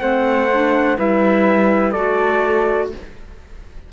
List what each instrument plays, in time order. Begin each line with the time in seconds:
0.00 cello A3, clarinet C4, flute C5, trumpet F#5
0.53 clarinet D4
0.97 cello G3, clarinet E4, flute B4, trumpet E5
1.92 cello A3, clarinet F#4, flute A4, trumpet D5